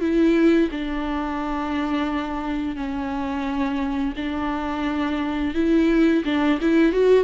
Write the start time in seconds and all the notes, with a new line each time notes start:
0.00 E4
0.71 D4
2.76 C#4
4.16 D4
5.54 E4
6.25 D4
6.61 E4
6.92 F#4